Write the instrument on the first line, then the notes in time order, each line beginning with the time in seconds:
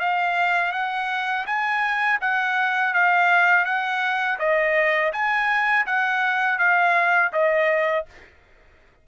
trumpet
0.00 F5
0.73 F#5
1.47 G#5
2.22 F#5
2.94 F5
3.65 F#5
4.39 D#5
5.13 G#5
5.87 F#5
6.59 F5
7.33 D#5